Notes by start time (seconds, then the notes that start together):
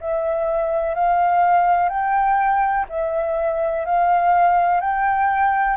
0.00 E5
0.94 F5
1.89 G5
2.89 E5
3.85 F5
4.80 G5